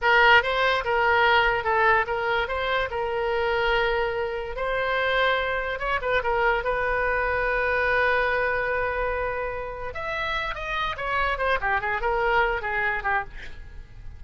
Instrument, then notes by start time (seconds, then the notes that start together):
oboe
0.01 A#4
0.42 C5
0.84 A#4
1.64 A4
2.07 A#4
2.48 C5
2.90 A#4
4.56 C5
5.79 C#5
6.01 B4
6.23 A#4
6.64 B4
9.94 E5
10.54 D#5
10.97 C#5
11.38 C5
11.60 G4
11.80 G#4
12.01 A#4
12.61 G#4
13.03 G4